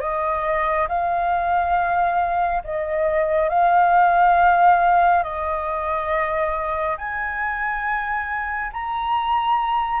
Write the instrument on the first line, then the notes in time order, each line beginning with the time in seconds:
flute
0.00 D#5
0.88 F5
2.64 D#5
3.49 F5
5.23 D#5
6.97 G#5
8.73 A#5